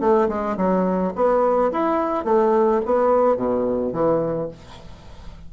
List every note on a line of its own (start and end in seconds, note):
0.00 0.28 A3
0.28 0.56 G#3
0.57 1.13 F#3
1.15 1.71 B3
1.72 2.25 E4
2.25 2.81 A3
2.85 3.36 B3
3.36 3.92 B2
3.92 4.48 E3